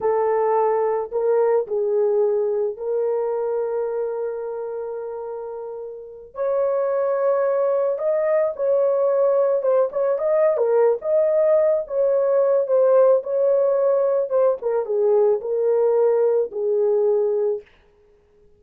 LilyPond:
\new Staff \with { instrumentName = "horn" } { \time 4/4 \tempo 4 = 109 a'2 ais'4 gis'4~ | gis'4 ais'2.~ | ais'2.~ ais'8 cis''8~ | cis''2~ cis''8 dis''4 cis''8~ |
cis''4. c''8 cis''8 dis''8. ais'8. | dis''4. cis''4. c''4 | cis''2 c''8 ais'8 gis'4 | ais'2 gis'2 | }